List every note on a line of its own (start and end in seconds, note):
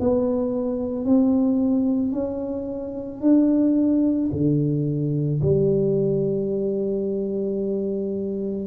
0.00 1.05 B3
1.05 2.12 C4
2.12 3.21 C#4
3.21 4.30 D4
4.32 5.41 D3
5.41 8.67 G3